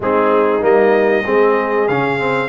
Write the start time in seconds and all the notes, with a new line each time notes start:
0.00 G#3 C4 D#4 G#4
0.60 G3 A#3 D#5
1.23 G#3 C4 G#4
1.88 C#3 C#4 F5
2.19 C4